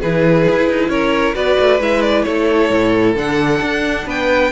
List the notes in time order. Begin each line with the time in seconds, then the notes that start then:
0.00 E3 E4 G#4 B4
0.50 E4
0.70 D#4
0.89 C#4 A#4 C#5
1.34 B3 F#4 B4 D5
1.60 A3
1.81 G#3 E4 E5
2.02 D5
2.24 A3 A4 C#5
2.71 A2
3.16 D3 D4 F#5
3.62 D4
4.07 B3 B4 G5